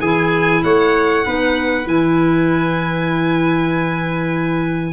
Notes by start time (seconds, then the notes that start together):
0.00 E3 E4 G#4 G#5
0.63 A3 C#5 F#5
1.24 B3 D#4 B4
1.85 E3 E4 G#5